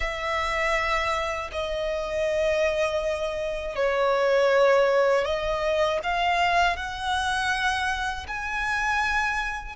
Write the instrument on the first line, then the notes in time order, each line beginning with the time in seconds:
violin
0.00 E5
1.52 D#5
3.75 C#5
5.24 D#5
6.03 F5
6.76 F#5
8.27 G#5